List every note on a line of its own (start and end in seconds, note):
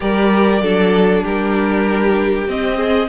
0.00 0.61 G3
0.00 0.61 G4
0.00 0.62 A#4
0.00 1.24 D5
0.61 1.23 F#3
0.61 2.48 D4
0.61 1.23 A4
1.23 2.47 G3
1.23 2.76 G4
1.23 2.48 A#4
2.47 3.08 C4
2.47 3.08 D#5
2.76 3.07 G#4